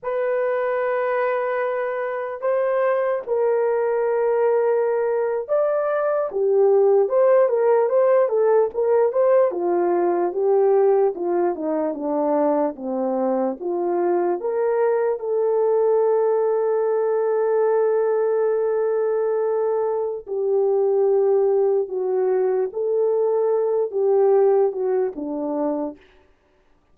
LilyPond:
\new Staff \with { instrumentName = "horn" } { \time 4/4 \tempo 4 = 74 b'2. c''4 | ais'2~ ais'8. d''4 g'16~ | g'8. c''8 ais'8 c''8 a'8 ais'8 c''8 f'16~ | f'8. g'4 f'8 dis'8 d'4 c'16~ |
c'8. f'4 ais'4 a'4~ a'16~ | a'1~ | a'4 g'2 fis'4 | a'4. g'4 fis'8 d'4 | }